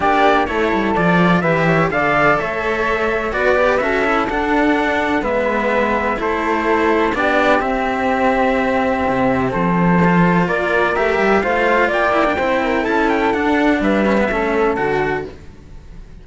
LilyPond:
<<
  \new Staff \with { instrumentName = "trumpet" } { \time 4/4 \tempo 4 = 126 d''4 cis''4 d''4 e''4 | f''4 e''2 d''4 | e''4 fis''2 e''4~ | e''4 c''2 d''4 |
e''1 | c''2 d''4 e''4 | f''4 g''2 a''8 g''8 | fis''4 e''2 fis''4 | }
  \new Staff \with { instrumentName = "flute" } { \time 4/4 g'4 a'2 b'8 cis''8 | d''4 cis''2 b'4 | a'2. b'4~ | b'4 a'2 g'4~ |
g'1 | a'2 ais'2 | c''4 d''4 c''8 ais'8 a'4~ | a'4 b'4 a'2 | }
  \new Staff \with { instrumentName = "cello" } { \time 4/4 d'4 e'4 f'4 g'4 | a'2. fis'8 g'8 | fis'8 e'8 d'2 b4~ | b4 e'2 d'4 |
c'1~ | c'4 f'2 g'4 | f'4. e'16 d'16 e'2 | d'4. cis'16 b16 cis'4 fis'4 | }
  \new Staff \with { instrumentName = "cello" } { \time 4/4 ais4 a8 g8 f4 e4 | d4 a2 b4 | cis'4 d'2 gis4~ | gis4 a2 b4 |
c'2. c4 | f2 ais4 a8 g8 | a4 ais4 c'4 cis'4 | d'4 g4 a4 d4 | }
>>